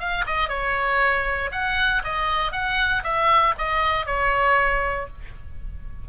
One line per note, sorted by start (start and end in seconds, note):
0.00 0.25 F5
0.27 0.49 D#5
0.49 1.51 C#5
1.52 2.03 F#5
2.04 2.53 D#5
2.53 3.03 F#5
3.04 3.55 E5
3.58 4.06 D#5
4.06 5.08 C#5